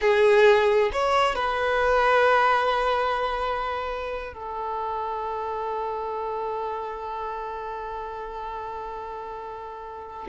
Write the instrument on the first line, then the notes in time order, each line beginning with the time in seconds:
violin
0.01 G#4
0.92 C#5
1.35 B4
4.33 A4